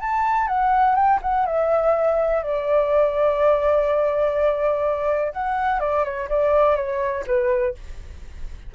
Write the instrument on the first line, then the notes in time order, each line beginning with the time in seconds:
flute
0.00 A5
0.48 F#5
0.95 G5
1.22 F#5
1.46 E5
2.43 D5
5.32 F#5
5.80 D5
6.04 C#5
6.29 D5
6.76 C#5
7.26 B4